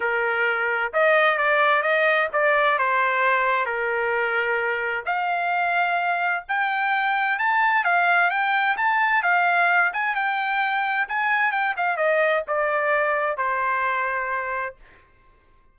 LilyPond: \new Staff \with { instrumentName = "trumpet" } { \time 4/4 \tempo 4 = 130 ais'2 dis''4 d''4 | dis''4 d''4 c''2 | ais'2. f''4~ | f''2 g''2 |
a''4 f''4 g''4 a''4 | f''4. gis''8 g''2 | gis''4 g''8 f''8 dis''4 d''4~ | d''4 c''2. | }